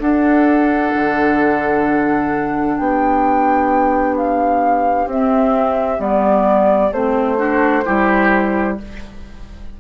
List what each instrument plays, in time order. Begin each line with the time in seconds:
0.00 clarinet D4, bassoon D4, oboe A4, flute F#5
0.96 bassoon D3
2.78 bassoon B3, oboe G4, flute G5
4.17 flute F5
5.07 bassoon C4, clarinet C4, flute E5
5.99 bassoon G3, clarinet B3, flute D5
6.92 bassoon A3, clarinet C4, flute C5
7.37 clarinet D4, oboe F#4
7.85 bassoon G3, clarinet E4, oboe G4